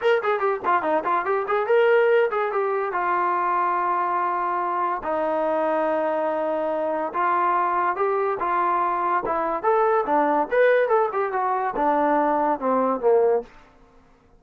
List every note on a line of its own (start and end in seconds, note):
0.01 0.22 A#4
0.23 0.39 G#4
0.39 0.60 G4
0.65 0.82 F4
0.82 1.03 D#4
1.04 1.25 F4
1.25 1.46 G4
1.47 1.66 G#4
1.66 2.29 A#4
2.31 2.52 G#4
2.52 2.92 G4
2.92 5.02 F4
5.03 7.13 D#4
7.13 7.96 F4
7.96 8.38 G4
8.39 9.23 F4
9.25 9.62 E4
9.62 10.04 A4
10.06 10.48 D4
10.50 10.88 B4
10.88 11.09 A4
11.12 11.32 G4
11.32 11.74 F#4
11.76 12.59 D4
12.59 13.00 C4
13.00 13.42 A#3